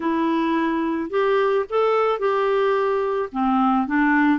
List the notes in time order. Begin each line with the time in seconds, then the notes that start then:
0.00 E4
1.10 G4
1.69 A4
2.19 G4
3.32 C4
3.87 D4